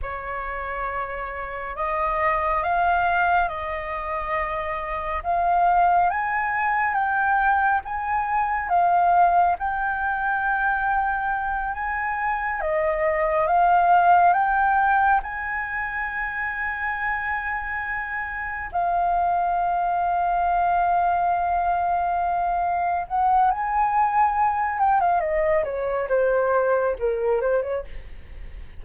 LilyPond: \new Staff \with { instrumentName = "flute" } { \time 4/4 \tempo 4 = 69 cis''2 dis''4 f''4 | dis''2 f''4 gis''4 | g''4 gis''4 f''4 g''4~ | g''4. gis''4 dis''4 f''8~ |
f''8 g''4 gis''2~ gis''8~ | gis''4. f''2~ f''8~ | f''2~ f''8 fis''8 gis''4~ | gis''8 g''16 f''16 dis''8 cis''8 c''4 ais'8 c''16 cis''16 | }